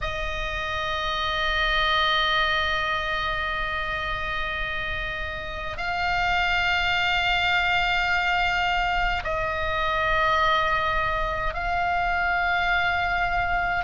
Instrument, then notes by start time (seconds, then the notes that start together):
oboe
0.01 D#5
5.77 F5
9.24 D#5
11.54 F5